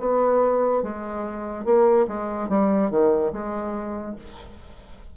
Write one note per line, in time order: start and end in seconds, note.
0.00 0.83 B3
0.83 1.65 G#3
1.65 2.07 A#3
2.08 2.49 G#3
2.49 2.91 G3
2.91 3.32 D#3
3.32 4.16 G#3